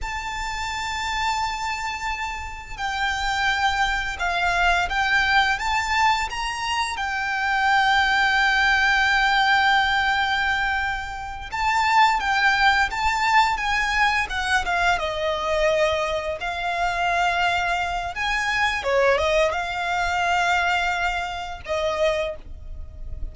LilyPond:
\new Staff \with { instrumentName = "violin" } { \time 4/4 \tempo 4 = 86 a''1 | g''2 f''4 g''4 | a''4 ais''4 g''2~ | g''1~ |
g''8 a''4 g''4 a''4 gis''8~ | gis''8 fis''8 f''8 dis''2 f''8~ | f''2 gis''4 cis''8 dis''8 | f''2. dis''4 | }